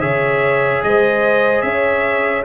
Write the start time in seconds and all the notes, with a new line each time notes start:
0.00 C#3 G#4 C#5 E5
0.83 G#3 C5 D#5
1.61 C#4 C#5 E5